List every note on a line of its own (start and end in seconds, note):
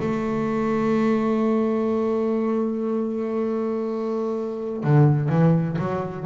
0.00 4.83 A3
4.83 5.28 D3
5.28 5.77 E3
5.78 6.26 F#3